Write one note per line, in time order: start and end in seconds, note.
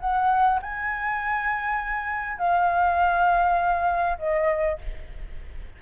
0.00 0.60 F#5
0.62 2.38 G#5
2.38 4.18 F5
4.18 4.78 D#5